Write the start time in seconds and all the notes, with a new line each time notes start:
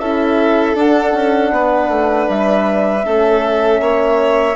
0.00 C#4 E4 A4 E5
0.75 D4 F#5
1.13 C#4
1.51 B3 B4
1.89 A3
2.29 G3 E5
3.04 A3 C#4 A4
3.81 A#3 C#5